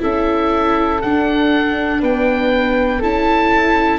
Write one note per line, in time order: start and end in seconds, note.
0.00 1.03 C#4
0.00 1.00 E4
0.00 2.01 A4
0.00 1.02 E5
1.02 2.03 D4
1.02 3.03 D4
1.02 2.02 F#5
2.01 3.02 B3
2.01 3.00 B4
2.01 3.03 G5
3.00 3.99 C#4
3.00 3.99 E4
3.00 3.99 A4
3.00 3.99 A5